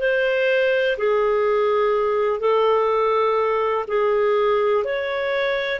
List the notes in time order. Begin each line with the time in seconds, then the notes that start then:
0.00 C5
0.98 G#4
2.40 A4
3.88 G#4
4.85 C#5